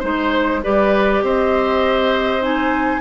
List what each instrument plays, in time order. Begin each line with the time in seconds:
0.00 bassoon G#3, clarinet D#4, oboe C5, flute C5
0.63 bassoon G3, clarinet G4, oboe B4, flute D5
1.23 bassoon C4, oboe C5, flute D#5
2.42 clarinet D#4, flute G#5